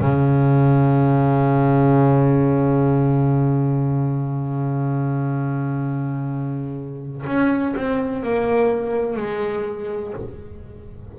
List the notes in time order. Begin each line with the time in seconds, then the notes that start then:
0.00 C#3
7.26 C#4
7.77 C4
8.23 A#3
9.17 G#3